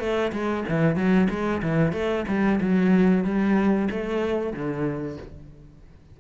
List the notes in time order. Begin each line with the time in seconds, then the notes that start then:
0.00 A3
0.32 G#3
0.69 E3
0.96 F#3
1.30 G#3
1.62 E3
1.93 A3
2.28 G3
2.61 F#3
3.24 G3
3.91 A3
4.53 D3